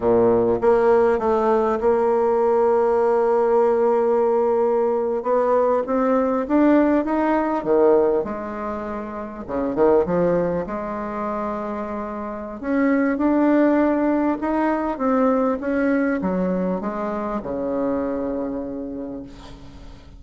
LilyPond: \new Staff \with { instrumentName = "bassoon" } { \time 4/4 \tempo 4 = 100 ais,4 ais4 a4 ais4~ | ais1~ | ais8. b4 c'4 d'4 dis'16~ | dis'8. dis4 gis2 cis16~ |
cis16 dis8 f4 gis2~ gis16~ | gis4 cis'4 d'2 | dis'4 c'4 cis'4 fis4 | gis4 cis2. | }